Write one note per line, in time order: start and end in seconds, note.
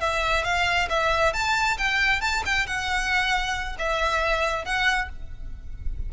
0.00 0.44 E5
0.44 0.88 F5
0.89 1.33 E5
1.33 1.77 A5
1.78 2.21 G5
2.21 2.43 A5
2.45 2.67 G5
2.67 3.77 F#5
3.79 4.65 E5
4.65 5.09 F#5